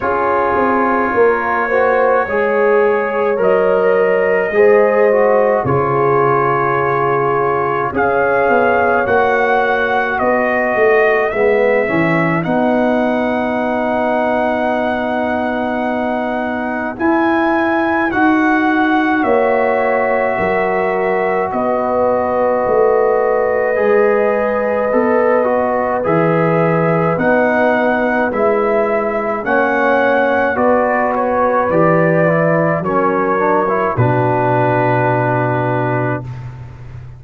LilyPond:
<<
  \new Staff \with { instrumentName = "trumpet" } { \time 4/4 \tempo 4 = 53 cis''2. dis''4~ | dis''4 cis''2 f''4 | fis''4 dis''4 e''4 fis''4~ | fis''2. gis''4 |
fis''4 e''2 dis''4~ | dis''2. e''4 | fis''4 e''4 fis''4 d''8 cis''8 | d''4 cis''4 b'2 | }
  \new Staff \with { instrumentName = "horn" } { \time 4/4 gis'4 ais'8 c''8 cis''2 | c''4 gis'2 cis''4~ | cis''4 b'2.~ | b'1~ |
b'4 cis''4 ais'4 b'4~ | b'1~ | b'2 cis''4 b'4~ | b'4 ais'4 fis'2 | }
  \new Staff \with { instrumentName = "trombone" } { \time 4/4 f'4. fis'8 gis'4 ais'4 | gis'8 fis'8 f'2 gis'4 | fis'2 b8 cis'8 dis'4~ | dis'2. e'4 |
fis'1~ | fis'4 gis'4 a'8 fis'8 gis'4 | dis'4 e'4 cis'4 fis'4 | g'8 e'8 cis'8 d'16 e'16 d'2 | }
  \new Staff \with { instrumentName = "tuba" } { \time 4/4 cis'8 c'8 ais4 gis4 fis4 | gis4 cis2 cis'8 b8 | ais4 b8 a8 gis8 e8 b4~ | b2. e'4 |
dis'4 ais4 fis4 b4 | a4 gis4 b4 e4 | b4 gis4 ais4 b4 | e4 fis4 b,2 | }
>>